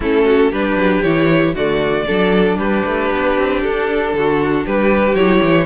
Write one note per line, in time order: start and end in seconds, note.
0.00 0.51 A3
0.00 0.53 C#4
0.00 0.24 E4
0.00 0.52 A4
0.24 0.50 F#4
0.50 0.75 G3
0.50 1.04 D4
0.50 1.53 G4
0.50 1.02 B4
0.75 1.01 F#3
1.02 1.54 E3
1.02 1.55 E4
1.02 1.54 C#5
1.53 2.05 D3
1.53 2.07 A3
1.53 2.05 F#4
1.53 2.58 D5
2.06 2.57 F#3
2.06 5.17 D4
2.06 2.58 A4
2.57 2.83 G3
2.57 4.14 G4
2.57 3.61 B4
2.85 3.11 A3
3.11 3.37 B3
3.37 3.63 C4
3.62 4.13 D4
3.62 4.66 A4
4.13 4.65 D3
4.13 4.66 F#4
4.66 5.14 G3
4.66 5.65 G4
4.66 5.15 B4
5.14 5.40 F#3
5.14 5.65 E4
5.14 5.65 C#5
5.42 5.65 E3